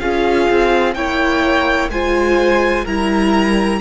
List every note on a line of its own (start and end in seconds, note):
0.00 0.48 C#4
0.00 0.96 F4
0.00 0.96 G#4
0.00 0.94 F5
0.50 0.95 C4
0.94 1.89 A#3
0.94 1.91 E4
0.94 1.91 C#5
0.94 1.89 G5
1.89 2.85 G#3
1.89 2.87 F4
1.89 2.85 C5
1.89 2.86 G#5
2.85 3.81 G3
2.85 3.81 E4
2.85 3.80 A#4
2.85 3.81 A#5